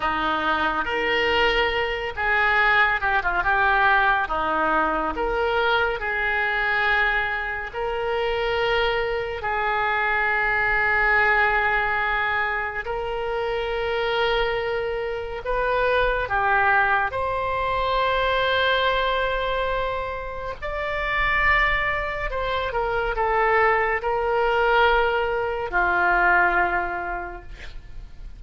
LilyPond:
\new Staff \with { instrumentName = "oboe" } { \time 4/4 \tempo 4 = 70 dis'4 ais'4. gis'4 g'16 f'16 | g'4 dis'4 ais'4 gis'4~ | gis'4 ais'2 gis'4~ | gis'2. ais'4~ |
ais'2 b'4 g'4 | c''1 | d''2 c''8 ais'8 a'4 | ais'2 f'2 | }